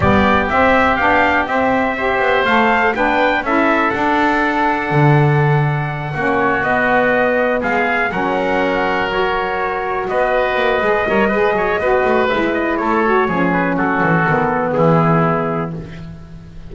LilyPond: <<
  \new Staff \with { instrumentName = "trumpet" } { \time 4/4 \tempo 4 = 122 d''4 e''4 f''4 e''4~ | e''4 f''4 g''4 e''4 | fis''1~ | fis''4 cis''8 dis''2 f''8~ |
f''8 fis''2 cis''4.~ | cis''8 dis''2.~ dis''8~ | dis''4 e''8 dis''8 cis''4. b'8 | a'2 gis'2 | }
  \new Staff \with { instrumentName = "oboe" } { \time 4/4 g'1 | c''2 b'4 a'4~ | a'1~ | a'8 fis'2. gis'8~ |
gis'8 ais'2.~ ais'8~ | ais'8 b'2 cis''8 b'8 cis''8 | b'2 a'4 gis'4 | fis'2 e'2 | }
  \new Staff \with { instrumentName = "saxophone" } { \time 4/4 b4 c'4 d'4 c'4 | g'4 a'4 d'4 e'4 | d'1~ | d'8 cis'4 b2~ b8~ |
b8 cis'2 fis'4.~ | fis'2 gis'8 ais'8 gis'4 | fis'4 e'4. fis'8 cis'4~ | cis'4 b2. | }
  \new Staff \with { instrumentName = "double bass" } { \time 4/4 g4 c'4 b4 c'4~ | c'8 b8 a4 b4 cis'4 | d'2 d2~ | d8 ais4 b2 gis8~ |
gis8 fis2.~ fis8~ | fis8 b4 ais8 gis8 g8 gis8 fis8 | b8 a8 gis4 a4 f4 | fis8 e8 dis4 e2 | }
>>